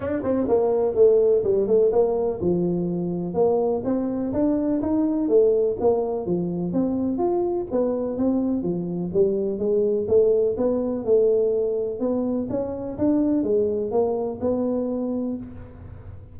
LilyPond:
\new Staff \with { instrumentName = "tuba" } { \time 4/4 \tempo 4 = 125 d'8 c'8 ais4 a4 g8 a8 | ais4 f2 ais4 | c'4 d'4 dis'4 a4 | ais4 f4 c'4 f'4 |
b4 c'4 f4 g4 | gis4 a4 b4 a4~ | a4 b4 cis'4 d'4 | gis4 ais4 b2 | }